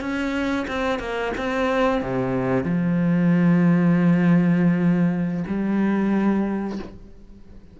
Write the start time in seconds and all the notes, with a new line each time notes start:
0.00 C#4
0.67 C4
0.99 A#3
1.37 C4
2.01 C3
2.63 F3
5.47 G3